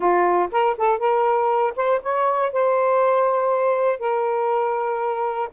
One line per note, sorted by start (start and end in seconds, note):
0.00 0.49 F4
0.51 0.76 A#4
0.77 0.98 A4
0.98 1.73 A#4
1.76 2.01 C5
2.02 2.52 C#5
2.52 3.99 C5
3.99 5.49 A#4